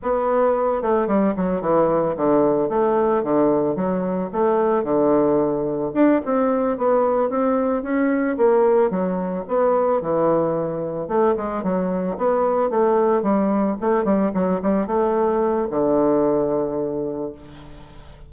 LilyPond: \new Staff \with { instrumentName = "bassoon" } { \time 4/4 \tempo 4 = 111 b4. a8 g8 fis8 e4 | d4 a4 d4 fis4 | a4 d2 d'8 c'8~ | c'8 b4 c'4 cis'4 ais8~ |
ais8 fis4 b4 e4.~ | e8 a8 gis8 fis4 b4 a8~ | a8 g4 a8 g8 fis8 g8 a8~ | a4 d2. | }